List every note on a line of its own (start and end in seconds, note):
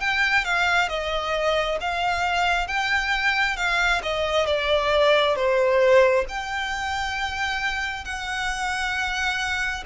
0.00 0.44 G5
0.44 0.88 F5
0.88 1.78 D#5
1.80 2.67 F5
2.67 3.56 G5
3.56 4.01 F5
4.03 4.46 D#5
4.46 5.35 D5
5.35 6.25 C5
6.28 8.04 G5
8.04 9.83 F#5